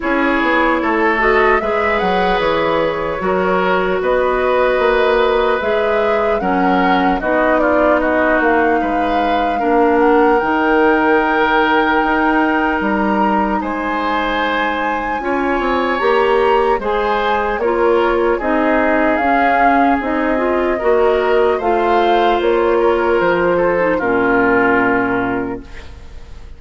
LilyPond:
<<
  \new Staff \with { instrumentName = "flute" } { \time 4/4 \tempo 4 = 75 cis''4. dis''8 e''8 fis''8 cis''4~ | cis''4 dis''2 e''4 | fis''4 dis''8 d''8 dis''8 f''4.~ | f''8 fis''8 g''2. |
ais''4 gis''2. | ais''4 gis''4 cis''4 dis''4 | f''4 dis''2 f''4 | cis''4 c''4 ais'2 | }
  \new Staff \with { instrumentName = "oboe" } { \time 4/4 gis'4 a'4 b'2 | ais'4 b'2. | ais'4 fis'8 f'8 fis'4 b'4 | ais'1~ |
ais'4 c''2 cis''4~ | cis''4 c''4 ais'4 gis'4~ | gis'2 ais'4 c''4~ | c''8 ais'4 a'8 f'2 | }
  \new Staff \with { instrumentName = "clarinet" } { \time 4/4 e'4. fis'8 gis'2 | fis'2. gis'4 | cis'4 dis'2. | d'4 dis'2.~ |
dis'2. f'4 | g'4 gis'4 f'4 dis'4 | cis'4 dis'8 f'8 fis'4 f'4~ | f'4.~ f'16 dis'16 cis'2 | }
  \new Staff \with { instrumentName = "bassoon" } { \time 4/4 cis'8 b8 a4 gis8 fis8 e4 | fis4 b4 ais4 gis4 | fis4 b4. ais8 gis4 | ais4 dis2 dis'4 |
g4 gis2 cis'8 c'8 | ais4 gis4 ais4 c'4 | cis'4 c'4 ais4 a4 | ais4 f4 ais,2 | }
>>